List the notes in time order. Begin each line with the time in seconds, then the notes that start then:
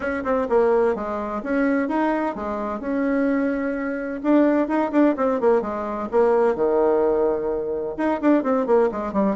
0.00 C#4
0.24 C4
0.49 A#3
0.95 G#3
1.43 C#4
1.88 D#4
2.35 G#3
2.80 C#4
4.23 D4
4.67 D#4
4.91 D4
5.16 C4
5.40 A#3
5.61 G#3
6.11 A#3
6.55 D#3
7.97 D#4
8.21 D4
8.43 C4
8.66 A#3
8.91 G#3
9.12 G3